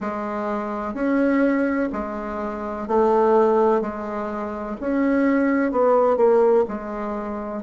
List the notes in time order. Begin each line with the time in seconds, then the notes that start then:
0.00 G#3
0.94 C#4
1.92 G#3
2.87 A3
3.81 G#3
4.80 C#4
5.71 B3
6.16 A#3
6.68 G#3